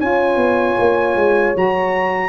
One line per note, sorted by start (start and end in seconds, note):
0.00 0.37 C#4
0.00 1.55 F4
0.00 2.30 C#5
0.00 1.56 G#5
0.37 0.76 B3
0.80 1.16 A#3
1.16 1.55 G#3
1.55 2.30 F#3
1.55 2.30 F#4
1.55 2.30 A#5